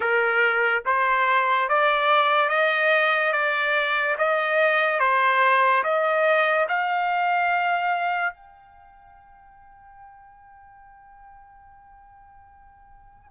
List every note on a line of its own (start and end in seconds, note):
0.00 0.83 A#4
0.85 1.69 C5
1.69 2.49 D5
2.49 3.32 D#5
3.32 4.16 D5
4.18 4.99 D#5
4.99 5.83 C5
5.83 6.67 D#5
6.68 8.33 F5
8.33 13.31 G5